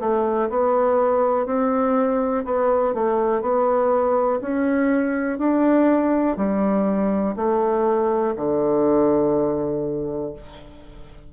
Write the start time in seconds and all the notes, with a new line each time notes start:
0.00 A3
0.50 B3
1.46 C4
2.45 B3
2.94 A3
3.42 B3
4.41 C#4
5.38 D4
6.37 G3
7.36 A3
8.36 D3